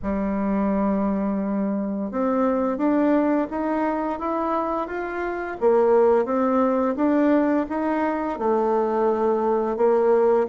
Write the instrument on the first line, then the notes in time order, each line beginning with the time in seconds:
bassoon
0.02 G3
2.11 C4
2.77 D4
3.50 D#4
4.19 E4
4.87 F4
5.60 A#3
6.25 C4
6.96 D4
7.69 D#4
8.38 A3
9.76 A#3